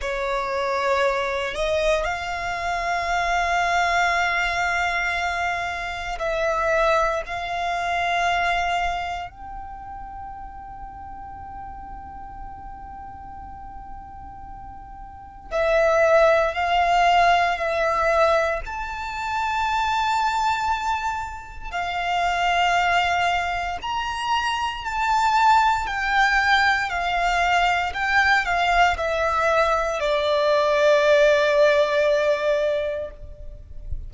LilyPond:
\new Staff \with { instrumentName = "violin" } { \time 4/4 \tempo 4 = 58 cis''4. dis''8 f''2~ | f''2 e''4 f''4~ | f''4 g''2.~ | g''2. e''4 |
f''4 e''4 a''2~ | a''4 f''2 ais''4 | a''4 g''4 f''4 g''8 f''8 | e''4 d''2. | }